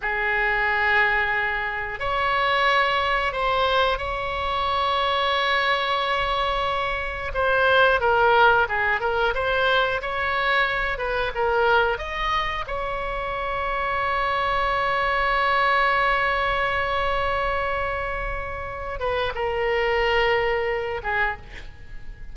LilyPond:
\new Staff \with { instrumentName = "oboe" } { \time 4/4 \tempo 4 = 90 gis'2. cis''4~ | cis''4 c''4 cis''2~ | cis''2. c''4 | ais'4 gis'8 ais'8 c''4 cis''4~ |
cis''8 b'8 ais'4 dis''4 cis''4~ | cis''1~ | cis''1~ | cis''8 b'8 ais'2~ ais'8 gis'8 | }